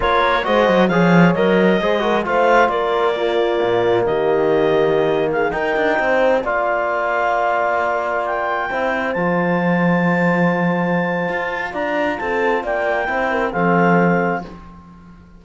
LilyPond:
<<
  \new Staff \with { instrumentName = "clarinet" } { \time 4/4 \tempo 4 = 133 cis''4 dis''4 f''4 dis''4~ | dis''4 f''4 d''2~ | d''4 dis''2~ dis''8. f''16~ | f''16 g''2 f''4.~ f''16~ |
f''2~ f''16 g''4.~ g''16~ | g''16 a''2.~ a''8.~ | a''2 ais''4 a''4 | g''2 f''2 | }
  \new Staff \with { instrumentName = "horn" } { \time 4/4 ais'4 c''4 cis''2 | c''8 ais'8 c''4 ais'4 f'4~ | f'4 g'2~ g'8. gis'16~ | gis'16 ais'4 c''4 d''4.~ d''16~ |
d''2.~ d''16 c''8.~ | c''1~ | c''2 d''4 a'4 | d''4 c''8 ais'8 a'2 | }
  \new Staff \with { instrumentName = "trombone" } { \time 4/4 f'4 fis'4 gis'4 ais'4 | gis'8 fis'8 f'2 ais4~ | ais1~ | ais16 dis'2 f'4.~ f'16~ |
f'2.~ f'16 e'8.~ | e'16 f'2.~ f'8.~ | f'1~ | f'4 e'4 c'2 | }
  \new Staff \with { instrumentName = "cello" } { \time 4/4 ais4 gis8 fis8 f4 fis4 | gis4 a4 ais2 | ais,4 dis2.~ | dis16 dis'8 d'8 c'4 ais4.~ ais16~ |
ais2.~ ais16 c'8.~ | c'16 f2.~ f8.~ | f4 f'4 d'4 c'4 | ais4 c'4 f2 | }
>>